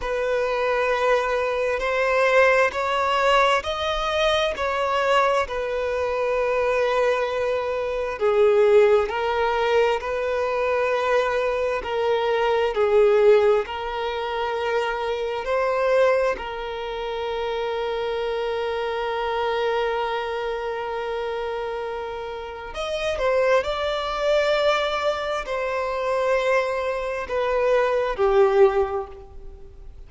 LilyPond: \new Staff \with { instrumentName = "violin" } { \time 4/4 \tempo 4 = 66 b'2 c''4 cis''4 | dis''4 cis''4 b'2~ | b'4 gis'4 ais'4 b'4~ | b'4 ais'4 gis'4 ais'4~ |
ais'4 c''4 ais'2~ | ais'1~ | ais'4 dis''8 c''8 d''2 | c''2 b'4 g'4 | }